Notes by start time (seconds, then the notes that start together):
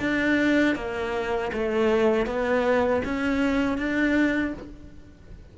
0.00 D4
0.76 A#3
1.53 A3
2.26 B3
3.04 C#4
3.78 D4